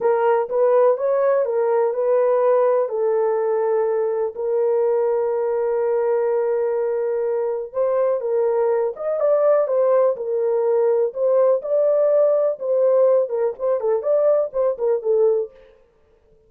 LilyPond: \new Staff \with { instrumentName = "horn" } { \time 4/4 \tempo 4 = 124 ais'4 b'4 cis''4 ais'4 | b'2 a'2~ | a'4 ais'2.~ | ais'1 |
c''4 ais'4. dis''8 d''4 | c''4 ais'2 c''4 | d''2 c''4. ais'8 | c''8 a'8 d''4 c''8 ais'8 a'4 | }